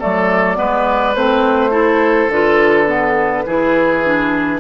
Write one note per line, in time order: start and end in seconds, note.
0.00 0.59 F#3
0.00 0.56 A3
0.00 0.58 A4
0.00 1.16 D5
0.56 1.16 G#3
0.56 1.14 B3
0.56 1.71 B4
1.16 2.29 A3
1.16 1.71 C4
1.16 2.31 C5
1.71 2.29 E4
1.71 3.44 A4
2.29 3.44 D3
2.29 2.87 F4
2.29 4.60 B4
2.87 3.45 B3
3.46 4.60 E3
3.46 4.04 E4
3.46 4.60 G#4
4.05 4.60 D4